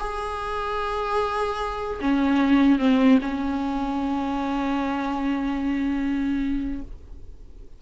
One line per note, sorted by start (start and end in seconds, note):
0.00 2.00 G#4
2.01 2.79 C#4
2.79 3.19 C4
3.22 6.82 C#4